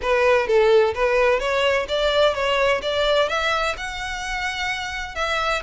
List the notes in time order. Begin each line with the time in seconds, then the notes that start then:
0.02 B4
0.47 A4
0.94 B4
1.39 C#5
1.88 D5
2.34 C#5
2.82 D5
3.28 E5
3.77 F#5
5.15 E5